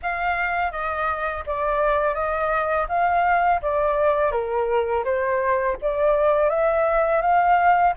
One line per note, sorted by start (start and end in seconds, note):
0.02 0.71 F5
0.71 1.44 D#5
1.46 2.14 D5
2.14 2.87 D#5
2.88 3.60 F5
3.61 4.31 D5
4.31 5.03 A#4
5.04 5.76 C5
5.81 6.49 D5
6.49 7.21 E5
7.21 7.93 F5